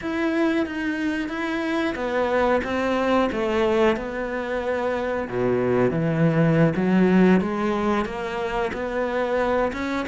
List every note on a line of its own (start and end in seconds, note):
0.01 0.66 E4
0.66 1.28 D#4
1.28 1.94 E4
1.95 2.60 B3
2.63 3.29 C4
3.31 3.96 A3
3.96 5.28 B3
5.28 5.90 B2
5.90 6.73 E3
6.76 7.41 F#3
7.41 8.05 G#3
8.05 8.71 A#3
8.73 9.72 B3
9.73 10.05 C#4